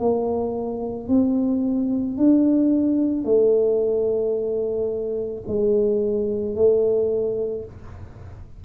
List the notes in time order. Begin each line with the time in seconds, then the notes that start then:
0.00 A#3
1.09 C4
2.18 D4
3.25 A3
5.47 G#3
6.56 A3